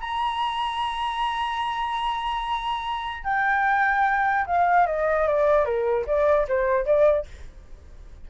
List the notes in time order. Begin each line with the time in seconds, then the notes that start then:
0.00 A#5
3.24 G5
4.46 F5
4.87 D#5
5.27 D5
5.65 A#4
6.07 D5
6.48 C5
6.85 D5